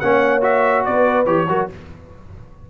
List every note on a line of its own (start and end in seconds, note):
0.00 0.86 A#3
0.00 0.42 C#4
0.00 0.87 C#5
0.00 0.42 F#5
0.42 1.26 F#4
0.42 0.85 E5
0.85 1.27 B3
0.85 1.49 B4
0.85 1.26 D5
1.26 1.48 E3
1.26 1.48 G4
1.26 1.68 C#5
1.48 1.69 F#3
1.48 1.70 F#4
1.48 1.70 A#4